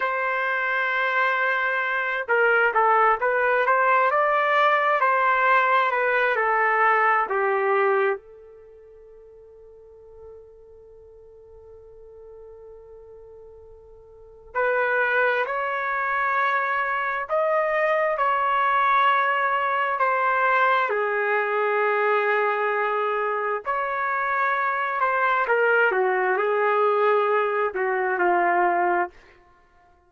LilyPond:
\new Staff \with { instrumentName = "trumpet" } { \time 4/4 \tempo 4 = 66 c''2~ c''8 ais'8 a'8 b'8 | c''8 d''4 c''4 b'8 a'4 | g'4 a'2.~ | a'1 |
b'4 cis''2 dis''4 | cis''2 c''4 gis'4~ | gis'2 cis''4. c''8 | ais'8 fis'8 gis'4. fis'8 f'4 | }